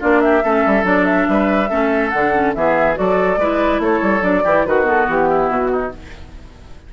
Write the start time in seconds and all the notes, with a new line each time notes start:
0.00 A#3 D4 F4 D5
0.21 G4 E5
0.43 A3 C#4 A4
0.66 G3
0.83 F#3 D4 D5
1.04 E5
1.29 G3 B4
1.69 A3 C#4 A4
2.10 D3 D4 F#5
2.34 C#4
2.54 E3 B3 G#4 E5
2.95 F#3 F#4 A4 D5
3.37 G#3 E4 B4
3.79 A3 A4 C#5
4.02 G3
4.21 F#3 D4 D5
4.44 E3 E4 G4
4.66 D#3 F#4 B4
4.83 B3 A4
5.08 E3 G4
5.29 E4
5.49 B2 F#4
5.71 D#4